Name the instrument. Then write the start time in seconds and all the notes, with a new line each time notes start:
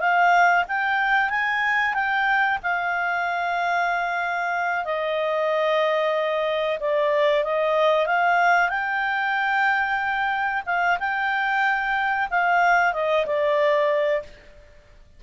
clarinet
0.00 F5
0.68 G5
1.30 G#5
1.94 G5
2.63 F5
4.85 D#5
6.80 D5
7.44 D#5
8.06 F5
8.69 G5
10.66 F5
10.99 G5
12.30 F5
12.93 D#5
13.26 D5